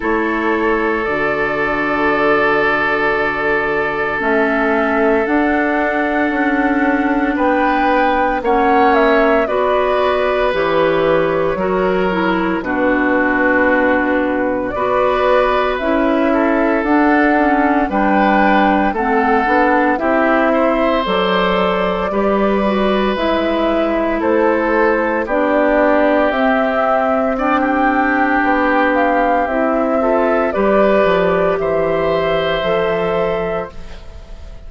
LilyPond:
<<
  \new Staff \with { instrumentName = "flute" } { \time 4/4 \tempo 4 = 57 cis''4 d''2. | e''4 fis''2 g''4 | fis''8 e''8 d''4 cis''2 | b'2 d''4 e''4 |
fis''4 g''4 fis''4 e''4 | d''2 e''4 c''4 | d''4 e''4 g''4. f''8 | e''4 d''4 e''2 | }
  \new Staff \with { instrumentName = "oboe" } { \time 4/4 a'1~ | a'2. b'4 | cis''4 b'2 ais'4 | fis'2 b'4. a'8~ |
a'4 b'4 a'4 g'8 c''8~ | c''4 b'2 a'4 | g'2 d''16 g'4.~ g'16~ | g'8 a'8 b'4 c''2 | }
  \new Staff \with { instrumentName = "clarinet" } { \time 4/4 e'4 fis'2. | cis'4 d'2. | cis'4 fis'4 g'4 fis'8 e'8 | d'2 fis'4 e'4 |
d'8 cis'8 d'4 c'8 d'8 e'4 | a'4 g'8 fis'8 e'2 | d'4 c'4 d'2 | e'8 f'8 g'2 a'4 | }
  \new Staff \with { instrumentName = "bassoon" } { \time 4/4 a4 d2. | a4 d'4 cis'4 b4 | ais4 b4 e4 fis4 | b,2 b4 cis'4 |
d'4 g4 a8 b8 c'4 | fis4 g4 gis4 a4 | b4 c'2 b4 | c'4 g8 f8 e4 f4 | }
>>